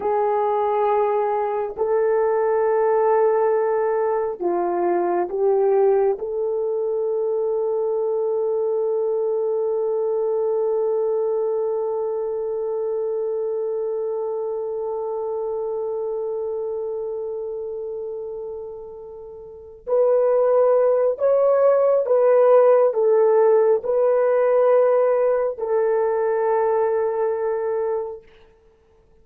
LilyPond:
\new Staff \with { instrumentName = "horn" } { \time 4/4 \tempo 4 = 68 gis'2 a'2~ | a'4 f'4 g'4 a'4~ | a'1~ | a'1~ |
a'1~ | a'2~ a'8 b'4. | cis''4 b'4 a'4 b'4~ | b'4 a'2. | }